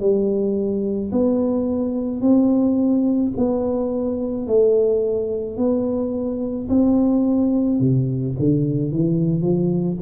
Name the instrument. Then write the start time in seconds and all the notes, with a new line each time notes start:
tuba
0.00 G3
1.12 B3
2.21 C4
3.37 B3
4.47 A3
5.57 B3
6.69 C4
7.80 C3
8.39 D3
8.92 E3
9.41 F3